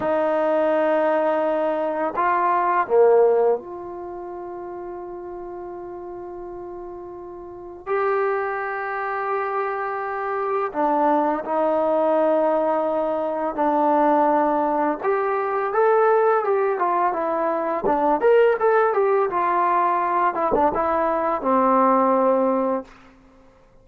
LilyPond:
\new Staff \with { instrumentName = "trombone" } { \time 4/4 \tempo 4 = 84 dis'2. f'4 | ais4 f'2.~ | f'2. g'4~ | g'2. d'4 |
dis'2. d'4~ | d'4 g'4 a'4 g'8 f'8 | e'4 d'8 ais'8 a'8 g'8 f'4~ | f'8 e'16 d'16 e'4 c'2 | }